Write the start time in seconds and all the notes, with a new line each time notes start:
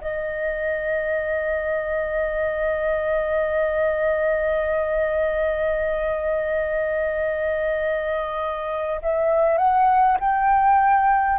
0.00 D#5
9.02 E5
9.57 F#5
10.20 G5